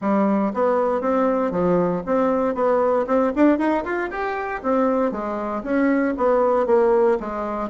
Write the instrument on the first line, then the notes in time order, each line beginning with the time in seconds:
bassoon
0.01 G3
0.53 B3
1.01 C4
1.51 F3
2.06 C4
2.55 B3
3.06 C4
3.35 D4
3.58 D#4
3.84 F4
4.10 G4
4.62 C4
5.11 G#3
5.63 C#4
6.17 B3
6.66 A#3
7.20 G#3